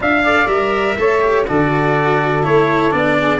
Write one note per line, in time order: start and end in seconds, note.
0.00 0.46 D4
0.00 0.24 F4
0.00 0.23 E5
0.00 0.47 F5
0.23 0.47 A4
0.23 0.96 D5
0.46 0.95 G3
0.46 0.96 A#4
0.46 1.45 E5
0.97 1.46 A3
0.97 1.21 A4
0.97 1.46 C#5
1.21 1.45 G4
1.46 2.45 D3
1.46 2.42 F#4
1.46 3.17 A4
1.46 2.44 D5
2.42 2.93 A3
2.42 2.90 E4
2.42 2.92 C#5
2.90 3.40 B3
2.90 3.39 D4
2.90 3.40 D5
3.17 3.40 G#4